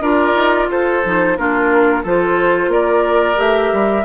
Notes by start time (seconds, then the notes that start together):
0.00 D4 F4 A#4 D5
0.35 D#4
0.68 F4 A4 C5
1.04 F3 D#4
1.37 A#3 D4 F4 A#4
2.03 F3 F4 A4 C5
2.68 A#3 A#4 D5
3.35 A3 G4 E5
3.72 G3